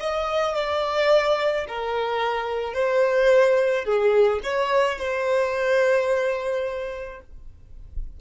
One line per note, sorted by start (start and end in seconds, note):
0.00 0.55 D#5
0.55 1.66 D5
1.68 2.74 A#4
2.74 3.85 C5
3.85 4.41 G#4
4.43 4.98 C#5
4.98 7.20 C5